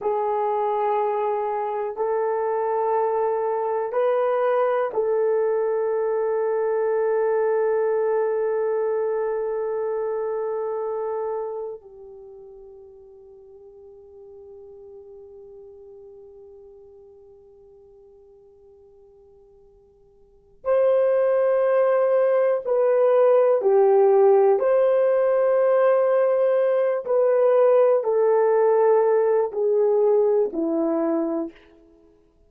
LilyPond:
\new Staff \with { instrumentName = "horn" } { \time 4/4 \tempo 4 = 61 gis'2 a'2 | b'4 a'2.~ | a'1 | g'1~ |
g'1~ | g'4 c''2 b'4 | g'4 c''2~ c''8 b'8~ | b'8 a'4. gis'4 e'4 | }